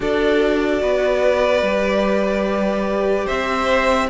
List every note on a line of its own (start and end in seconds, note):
0.00 0.82 D4
0.00 1.62 F#4
0.00 0.82 A4
0.00 3.27 D5
0.82 1.61 B3
0.82 3.25 B4
1.61 3.26 G3
1.61 4.10 G4
3.25 4.10 C4
3.25 4.07 C5
3.25 4.09 E5